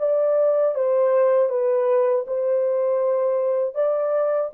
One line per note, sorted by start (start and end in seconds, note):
0.00 0.75 D5
0.75 1.50 C5
1.50 2.26 B4
2.28 3.75 C5
3.75 4.51 D5